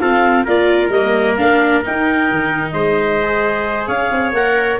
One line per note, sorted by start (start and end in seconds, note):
0.00 0.47 C4
0.00 0.46 F4
0.00 0.45 A4
0.00 0.46 F5
0.45 0.89 A#3
0.45 0.93 F4
0.45 2.74 A#4
0.45 0.91 D5
0.89 1.35 G3
0.89 1.38 A#3
0.89 1.37 D#5
1.37 1.86 A#3
1.37 1.83 D4
1.37 1.83 F5
1.83 3.21 D#4
1.83 2.31 D#4
1.83 2.71 G5
2.31 2.74 D#3
2.71 3.88 G#3
2.71 3.88 C5
2.71 3.85 D#5
3.23 4.36 G#4
3.88 4.11 C#4
3.88 4.80 C#5
3.88 4.34 F5
4.12 4.33 C4
4.33 4.78 A#3
4.33 4.80 A#4
4.33 4.80 F#5